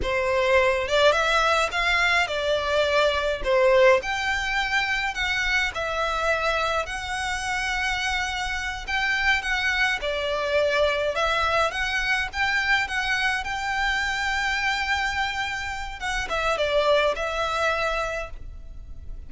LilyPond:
\new Staff \with { instrumentName = "violin" } { \time 4/4 \tempo 4 = 105 c''4. d''8 e''4 f''4 | d''2 c''4 g''4~ | g''4 fis''4 e''2 | fis''2.~ fis''8 g''8~ |
g''8 fis''4 d''2 e''8~ | e''8 fis''4 g''4 fis''4 g''8~ | g''1 | fis''8 e''8 d''4 e''2 | }